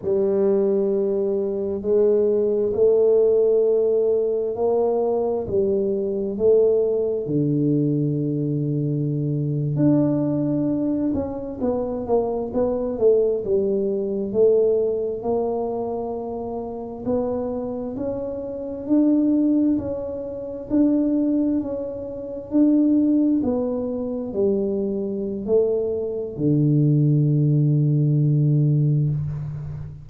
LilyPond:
\new Staff \with { instrumentName = "tuba" } { \time 4/4 \tempo 4 = 66 g2 gis4 a4~ | a4 ais4 g4 a4 | d2~ d8. d'4~ d'16~ | d'16 cis'8 b8 ais8 b8 a8 g4 a16~ |
a8. ais2 b4 cis'16~ | cis'8. d'4 cis'4 d'4 cis'16~ | cis'8. d'4 b4 g4~ g16 | a4 d2. | }